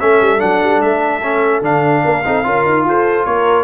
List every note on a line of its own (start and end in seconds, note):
0.00 0.21 A3
0.00 0.39 C#4
0.00 2.04 A4
0.00 0.40 E5
0.21 0.41 G3
0.39 0.63 F#3
0.39 1.21 D4
0.39 0.81 F#5
0.63 0.81 G3
0.81 1.62 A3
0.81 1.63 E5
1.23 1.63 C#4
1.62 2.03 D3
1.62 2.24 D4
1.62 2.87 F5
2.04 2.26 A#3
2.04 2.24 A#4
2.25 2.45 C4
2.25 2.44 D#4
2.25 2.45 A4
2.44 2.65 C#4
2.44 3.64 F4
2.44 2.86 A#4
2.65 2.85 D#4
2.85 3.25 F4
2.85 3.28 A4
2.85 3.25 C5
3.25 3.64 A#3
3.25 3.64 A#4
3.25 3.64 C#5